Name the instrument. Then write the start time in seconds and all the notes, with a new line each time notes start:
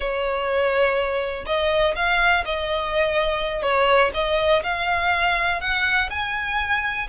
violin
0.00 C#5
1.46 D#5
1.95 F5
2.45 D#5
3.62 C#5
4.14 D#5
4.63 F5
5.60 F#5
6.10 G#5